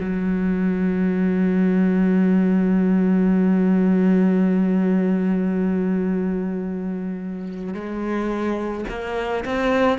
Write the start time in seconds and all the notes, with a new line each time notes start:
0.00 F#3
7.74 G#3
8.89 A#3
9.45 C4